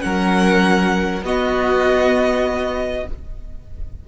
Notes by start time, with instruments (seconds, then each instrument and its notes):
0.00 cello F#3, viola C#4, violin A#4 F#5
1.22 cello B3, viola B3, violin F#4 D#5